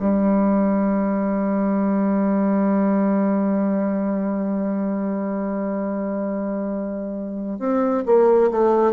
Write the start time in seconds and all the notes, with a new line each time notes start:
0.00 G3
7.60 C4
8.06 A#3
8.52 A3